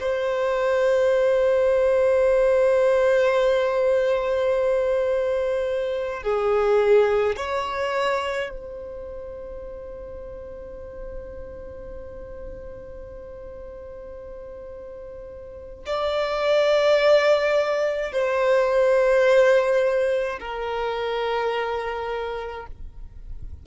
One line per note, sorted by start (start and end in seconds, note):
0.00 6.23 C5
6.23 7.36 G#4
7.36 8.49 C#5
8.49 15.85 C5
15.85 18.12 D5
18.12 20.38 C5
20.39 22.66 A#4